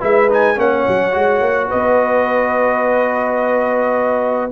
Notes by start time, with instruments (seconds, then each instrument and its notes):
0.00 tuba G#3, trombone E4, horn B4, trumpet E5
0.30 trombone D#4, trumpet G#5
0.56 tuba A#3, trombone C#4, horn C#5, trumpet F#5
0.88 tuba F#3
1.11 tuba G#3, trombone F#4
1.41 tuba A#3
1.69 tuba B3, horn B4, trumpet D#5